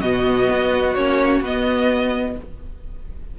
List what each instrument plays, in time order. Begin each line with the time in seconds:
0.00 cello B2, viola B3, violin F#4 D#5
0.50 cello B3
0.94 cello A#3, viola C#4, violin C#5
1.41 cello B3, viola B3, violin D#5